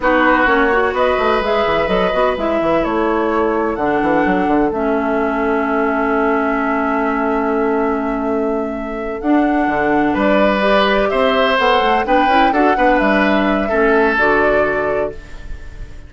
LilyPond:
<<
  \new Staff \with { instrumentName = "flute" } { \time 4/4 \tempo 4 = 127 b'4 cis''4 dis''4 e''4 | dis''4 e''4 cis''2 | fis''2 e''2~ | e''1~ |
e''2.~ e''8 fis''8~ | fis''4. d''2 e''8~ | e''8 fis''4 g''4 fis''4 e''8~ | e''2 d''2 | }
  \new Staff \with { instrumentName = "oboe" } { \time 4/4 fis'2 b'2~ | b'2 a'2~ | a'1~ | a'1~ |
a'1~ | a'4. b'2 c''8~ | c''4. b'4 a'8 b'4~ | b'4 a'2. | }
  \new Staff \with { instrumentName = "clarinet" } { \time 4/4 dis'4 cis'8 fis'4. gis'4 | a'8 fis'8 e'2. | d'2 cis'2~ | cis'1~ |
cis'2.~ cis'8 d'8~ | d'2~ d'8 g'4.~ | g'8 a'4 d'8 e'8 fis'8 d'4~ | d'4 cis'4 fis'2 | }
  \new Staff \with { instrumentName = "bassoon" } { \time 4/4 b4 ais4 b8 a8 gis8 e8 | fis8 b8 gis8 e8 a2 | d8 e8 fis8 d8 a2~ | a1~ |
a2.~ a8 d'8~ | d'8 d4 g2 c'8~ | c'8 b8 a8 b8 cis'8 d'8 b8 g8~ | g4 a4 d2 | }
>>